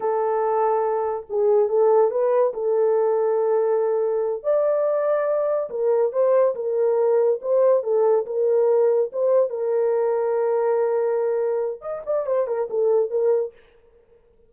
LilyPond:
\new Staff \with { instrumentName = "horn" } { \time 4/4 \tempo 4 = 142 a'2. gis'4 | a'4 b'4 a'2~ | a'2~ a'8 d''4.~ | d''4. ais'4 c''4 ais'8~ |
ais'4. c''4 a'4 ais'8~ | ais'4. c''4 ais'4.~ | ais'1 | dis''8 d''8 c''8 ais'8 a'4 ais'4 | }